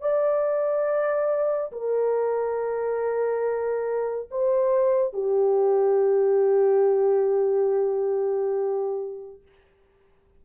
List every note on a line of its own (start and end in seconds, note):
0.00 1.71 D5
1.72 4.29 A#4
4.31 5.13 C5
5.13 9.41 G4